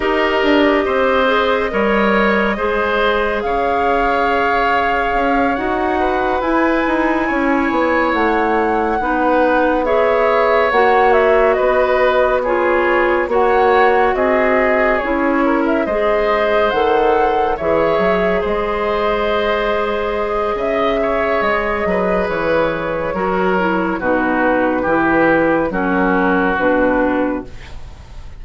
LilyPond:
<<
  \new Staff \with { instrumentName = "flute" } { \time 4/4 \tempo 4 = 70 dis''1 | f''2~ f''8 fis''4 gis''8~ | gis''4. fis''2 e''8~ | e''8 fis''8 e''8 dis''4 cis''4 fis''8~ |
fis''8 dis''4 cis''8. e''16 dis''4 fis''8~ | fis''8 e''4 dis''2~ dis''8 | e''4 dis''4 cis''2 | b'2 ais'4 b'4 | }
  \new Staff \with { instrumentName = "oboe" } { \time 4/4 ais'4 c''4 cis''4 c''4 | cis''2. b'4~ | b'8 cis''2 b'4 cis''8~ | cis''4. b'4 gis'4 cis''8~ |
cis''8 gis'4. ais'8 c''4.~ | c''8 cis''4 c''2~ c''8 | dis''8 cis''4 b'4. ais'4 | fis'4 g'4 fis'2 | }
  \new Staff \with { instrumentName = "clarinet" } { \time 4/4 g'4. gis'8 ais'4 gis'4~ | gis'2~ gis'8 fis'4 e'8~ | e'2~ e'8 dis'4 gis'8~ | gis'8 fis'2 f'4 fis'8~ |
fis'4. e'4 gis'4 a'8~ | a'8 gis'2.~ gis'8~ | gis'2. fis'8 e'8 | dis'4 e'4 cis'4 d'4 | }
  \new Staff \with { instrumentName = "bassoon" } { \time 4/4 dis'8 d'8 c'4 g4 gis4 | cis2 cis'8 dis'4 e'8 | dis'8 cis'8 b8 a4 b4.~ | b8 ais4 b2 ais8~ |
ais8 c'4 cis'4 gis4 dis8~ | dis8 e8 fis8 gis2~ gis8 | cis4 gis8 fis8 e4 fis4 | b,4 e4 fis4 b,4 | }
>>